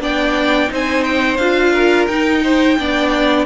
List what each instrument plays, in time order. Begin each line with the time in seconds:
0.00 cello B3, viola D4, violin D5 G5
0.69 cello C4, viola D#4, violin C5
0.75 violin G#5
1.04 violin G5
1.37 cello D4, viola F4, violin F5
1.72 violin A#4
2.07 cello D#4, viola D#4, violin G5
2.43 violin C5
2.79 cello B3, viola D4, violin D5